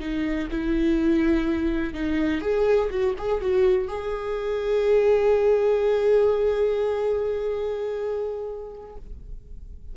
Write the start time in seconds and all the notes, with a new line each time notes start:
0.00 D#4
0.51 E4
1.94 D#4
2.41 G#4
2.90 F#4
3.18 G#4
3.42 F#4
3.88 G#4